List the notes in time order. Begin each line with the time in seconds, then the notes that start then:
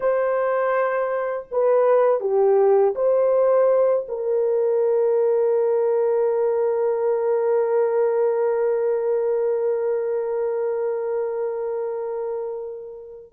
0.00 C5
1.51 B4
2.20 G4
2.95 C5
4.08 A#4